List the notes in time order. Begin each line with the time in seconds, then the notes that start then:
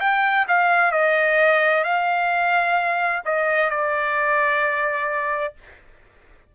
0.00 G5
0.48 F5
0.91 D#5
1.84 F5
3.25 D#5
3.70 D5